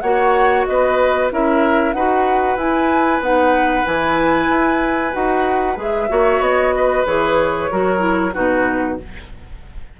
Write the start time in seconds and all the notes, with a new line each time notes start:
0.00 A#3 F#4 C#5 F#5
0.65 B3 B4 D#5
1.31 C#4 E4 A#4 E5
1.92 D#4 F#4 B4 F#5
2.56 E4 G#5
3.20 B3 D#4 F#5
3.85 E3 E4 G#5
4.48 E4
5.12 D#4 F#4 F#5
5.76 G#3 G#4 E5
6.09 A#3 F#4 C#5
6.39 B3 D#5
6.76 B4
7.06 E3 G#4 C#5
7.71 F#3 F#4 A#4
7.98 E4
8.33 B2 D#4 F#4 B4